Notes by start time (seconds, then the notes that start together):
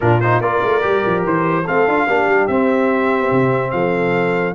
0.00 A#2 D4 F4 A#4
0.20 D#4 C5
0.40 A#3 F4 A#4 D5
0.62 A3
0.81 G3 G4
1.06 F3
1.25 E3 C5
1.64 A3 C4 A4 F5
1.87 D4 F4
2.06 A#3 D4 G4
2.26 G3
2.47 C4 E5
3.31 C3
3.70 F3 A4 F5